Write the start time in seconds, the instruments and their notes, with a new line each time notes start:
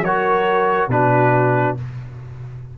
0.00 tuba F#3, trombone F#4, horn A#4, trumpet C#5
0.88 tuba B2, trombone D4, horn F#4, trumpet B4